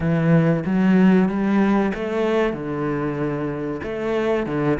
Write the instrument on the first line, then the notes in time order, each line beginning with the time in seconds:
cello
0.00 E3
0.65 F#3
1.28 G3
1.94 A3
2.53 D3
3.83 A3
4.46 D3